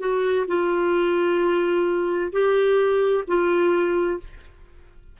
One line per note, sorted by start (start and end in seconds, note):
0.00 0.46 F#4
0.47 2.32 F4
2.32 3.25 G4
3.28 4.20 F4